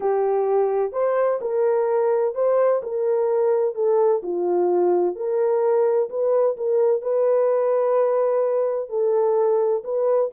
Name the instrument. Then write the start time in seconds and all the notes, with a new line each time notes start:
horn
0.00 G4
0.92 C5
1.41 A#4
2.34 C5
2.83 A#4
3.74 A4
4.23 F4
5.15 A#4
6.09 B4
6.56 A#4
7.01 B4
8.89 A4
9.84 B4